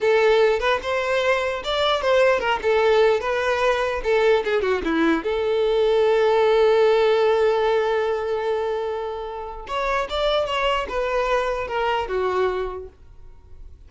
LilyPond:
\new Staff \with { instrumentName = "violin" } { \time 4/4 \tempo 4 = 149 a'4. b'8 c''2 | d''4 c''4 ais'8 a'4. | b'2 a'4 gis'8 fis'8 | e'4 a'2.~ |
a'1~ | a'1 | cis''4 d''4 cis''4 b'4~ | b'4 ais'4 fis'2 | }